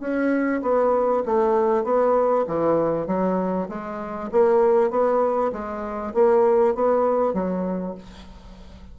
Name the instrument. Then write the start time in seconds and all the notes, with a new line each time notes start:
bassoon
0.00 C#4
0.62 B3
1.26 A3
1.84 B3
2.47 E3
3.07 F#3
3.69 G#3
4.32 A#3
4.90 B3
5.52 G#3
6.14 A#3
6.75 B3
7.33 F#3